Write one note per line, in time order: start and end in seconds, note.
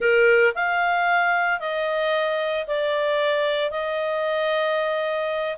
0.00 0.54 A#4
0.55 1.59 F5
1.59 2.65 D#5
2.67 3.70 D5
3.70 5.56 D#5